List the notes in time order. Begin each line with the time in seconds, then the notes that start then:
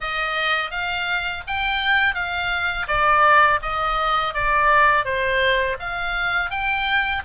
0.00 D#5
0.70 F5
1.47 G5
2.14 F5
2.87 D5
3.61 D#5
4.34 D5
5.04 C5
5.79 F5
6.50 G5